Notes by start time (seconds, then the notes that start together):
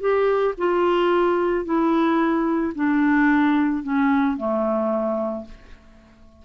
0.00 G4
0.57 F4
1.65 E4
2.75 D4
3.83 C#4
4.37 A3